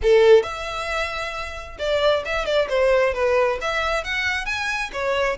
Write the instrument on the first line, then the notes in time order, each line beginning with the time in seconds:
violin
0.02 A4
0.43 E5
1.78 D5
2.25 E5
2.45 D5
2.69 C5
3.14 B4
3.61 E5
4.03 F#5
4.45 G#5
4.92 C#5